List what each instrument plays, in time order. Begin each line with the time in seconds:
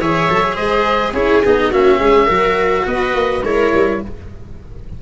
0.00 tuba E3, cello G#4, viola C#5, oboe E5
0.29 tuba F#3, cello A4
0.43 cello G#4
0.55 tuba G#3, viola C5, oboe D#5
1.12 tuba C#4, cello E4, viola G#4, oboe C#5
1.45 tuba B3, cello D#4, oboe D#5
1.70 tuba A#3, cello C#4, viola F#4, oboe E5
1.99 tuba G#3, viola G#4
2.26 tuba F#3, cello F#4, viola A#4
2.86 tuba B3, viola B4, oboe D#5
3.15 tuba A#3
3.43 tuba G#3, cello E4, viola A#4, oboe C#5
3.73 tuba G3